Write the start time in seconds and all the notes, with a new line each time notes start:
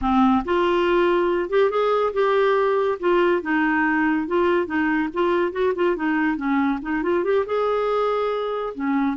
0.01 C4
0.45 F4
1.49 G4
1.70 G#4
2.13 G4
2.99 F4
3.42 D#4
4.27 F4
4.66 D#4
5.13 F4
5.52 F#4
5.75 F4
5.96 D#4
6.36 C#4
6.82 D#4
7.03 F4
7.23 G4
7.46 G#4
8.74 C#4